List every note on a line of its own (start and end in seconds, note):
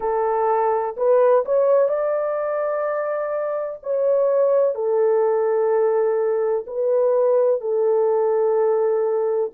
0.00 0.95 A4
0.97 1.44 B4
1.45 1.88 C#5
1.88 3.79 D5
3.82 4.74 C#5
4.74 6.65 A4
6.67 7.60 B4
7.60 9.51 A4